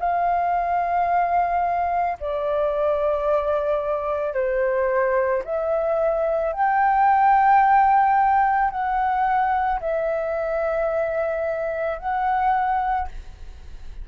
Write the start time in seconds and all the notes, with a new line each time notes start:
0.00 F5
2.20 D5
4.34 C5
5.44 E5
6.53 G5
8.71 F#5
9.81 E5
11.99 F#5